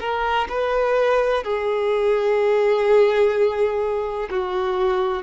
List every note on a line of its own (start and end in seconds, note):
0.00 0.48 A#4
0.48 1.43 B4
1.43 4.29 G#4
4.30 5.23 F#4